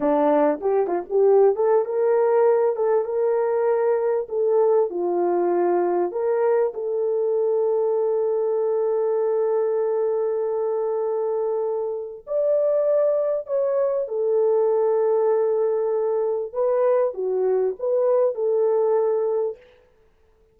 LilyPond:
\new Staff \with { instrumentName = "horn" } { \time 4/4 \tempo 4 = 98 d'4 g'8 f'16 g'8. a'8 ais'4~ | ais'8 a'8 ais'2 a'4 | f'2 ais'4 a'4~ | a'1~ |
a'1 | d''2 cis''4 a'4~ | a'2. b'4 | fis'4 b'4 a'2 | }